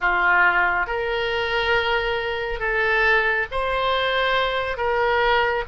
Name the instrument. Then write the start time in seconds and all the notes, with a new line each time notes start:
oboe
0.00 F4
0.86 A#4
2.59 A4
3.51 C5
4.77 A#4